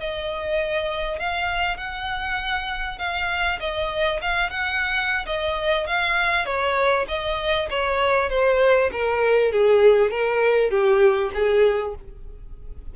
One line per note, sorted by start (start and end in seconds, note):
0.00 1.20 D#5
1.20 1.78 F5
1.78 2.99 F#5
2.99 3.60 F5
3.60 4.21 D#5
4.22 4.50 F5
4.50 5.26 F#5
5.26 5.87 D#5
5.87 6.46 F5
6.46 7.06 C#5
7.09 7.69 D#5
7.70 8.30 C#5
8.30 8.91 C5
8.93 9.53 A#4
9.53 10.11 G#4
10.11 10.71 A#4
10.71 11.31 G4
11.35 11.95 G#4